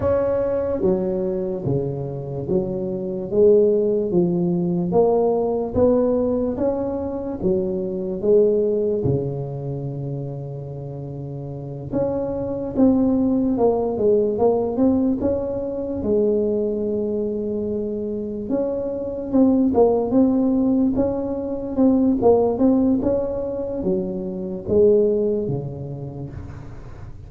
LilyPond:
\new Staff \with { instrumentName = "tuba" } { \time 4/4 \tempo 4 = 73 cis'4 fis4 cis4 fis4 | gis4 f4 ais4 b4 | cis'4 fis4 gis4 cis4~ | cis2~ cis8 cis'4 c'8~ |
c'8 ais8 gis8 ais8 c'8 cis'4 gis8~ | gis2~ gis8 cis'4 c'8 | ais8 c'4 cis'4 c'8 ais8 c'8 | cis'4 fis4 gis4 cis4 | }